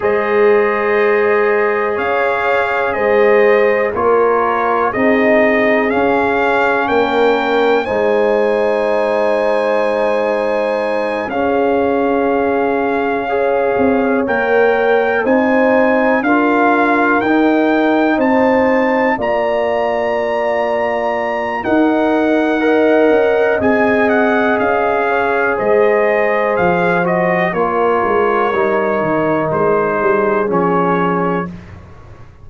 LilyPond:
<<
  \new Staff \with { instrumentName = "trumpet" } { \time 4/4 \tempo 4 = 61 dis''2 f''4 dis''4 | cis''4 dis''4 f''4 g''4 | gis''2.~ gis''8 f''8~ | f''2~ f''8 g''4 gis''8~ |
gis''8 f''4 g''4 a''4 ais''8~ | ais''2 fis''2 | gis''8 fis''8 f''4 dis''4 f''8 dis''8 | cis''2 c''4 cis''4 | }
  \new Staff \with { instrumentName = "horn" } { \time 4/4 c''2 cis''4 c''4 | ais'4 gis'2 ais'4 | c''2.~ c''8 gis'8~ | gis'4. cis''2 c''8~ |
c''8 ais'2 c''4 d''8~ | d''2 ais'4 dis''4~ | dis''4. cis''8 c''2 | ais'2~ ais'8 gis'4. | }
  \new Staff \with { instrumentName = "trombone" } { \time 4/4 gis'1 | f'4 dis'4 cis'2 | dis'2.~ dis'8 cis'8~ | cis'4. gis'4 ais'4 dis'8~ |
dis'8 f'4 dis'2 f'8~ | f'2 dis'4 ais'4 | gis'2.~ gis'8 fis'8 | f'4 dis'2 cis'4 | }
  \new Staff \with { instrumentName = "tuba" } { \time 4/4 gis2 cis'4 gis4 | ais4 c'4 cis'4 ais4 | gis2.~ gis8 cis'8~ | cis'2 c'8 ais4 c'8~ |
c'8 d'4 dis'4 c'4 ais8~ | ais2 dis'4. cis'8 | c'4 cis'4 gis4 f4 | ais8 gis8 g8 dis8 gis8 g8 f4 | }
>>